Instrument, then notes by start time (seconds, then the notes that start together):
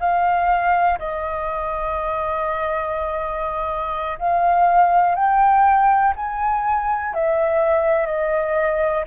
flute
0.00 F5
0.98 D#5
4.18 F5
5.15 G5
6.16 G#5
7.14 E5
8.06 D#5